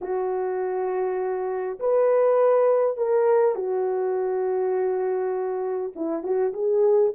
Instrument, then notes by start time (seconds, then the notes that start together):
horn
0.01 F#4
1.79 B4
2.97 A#4
3.55 F#4
5.95 E4
6.23 F#4
6.53 G#4